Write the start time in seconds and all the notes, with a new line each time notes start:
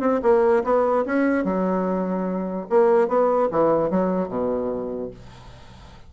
0.00 C4
0.22 A#3
0.64 B3
1.05 C#4
1.44 F#3
2.69 A#3
3.08 B3
3.51 E3
3.90 F#3
4.28 B2